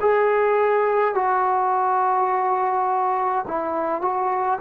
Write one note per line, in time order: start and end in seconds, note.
0.00 1.14 G#4
1.14 3.45 F#4
3.47 4.01 E4
4.01 4.59 F#4